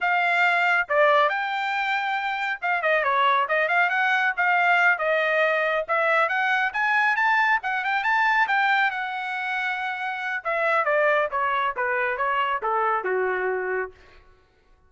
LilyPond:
\new Staff \with { instrumentName = "trumpet" } { \time 4/4 \tempo 4 = 138 f''2 d''4 g''4~ | g''2 f''8 dis''8 cis''4 | dis''8 f''8 fis''4 f''4. dis''8~ | dis''4. e''4 fis''4 gis''8~ |
gis''8 a''4 fis''8 g''8 a''4 g''8~ | g''8 fis''2.~ fis''8 | e''4 d''4 cis''4 b'4 | cis''4 a'4 fis'2 | }